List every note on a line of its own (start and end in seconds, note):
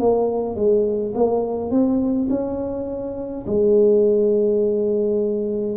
0.00 0.56 A#3
0.56 1.13 G#3
1.15 1.71 A#3
1.71 2.29 C4
2.30 3.46 C#4
3.47 5.77 G#3